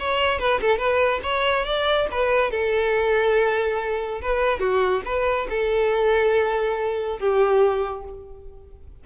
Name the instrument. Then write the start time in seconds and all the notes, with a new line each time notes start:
violin
0.00 C#5
0.39 B4
0.61 A4
0.78 B4
1.23 C#5
1.65 D5
2.11 B4
2.51 A4
4.22 B4
4.60 F#4
5.05 B4
5.50 A4
7.19 G4